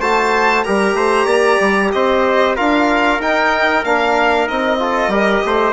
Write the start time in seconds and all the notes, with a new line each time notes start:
0.00 A3 F#4 C5 A5
0.63 G3 G4 A#4 A#5
0.94 A3 C5
1.25 A#3 D5
1.60 G3
1.92 C4 C5 D#5
2.56 D4 F4 A#4 F5
3.19 D#4 G5
3.84 A#3 D4 F5
4.48 C4 D#4 D#5
4.79 F4 A4
5.08 G3 G4 A#4
5.45 A3 C5